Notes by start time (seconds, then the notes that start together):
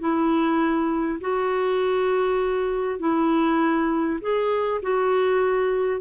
0.00 E4
1.21 F#4
3.00 E4
4.21 G#4
4.83 F#4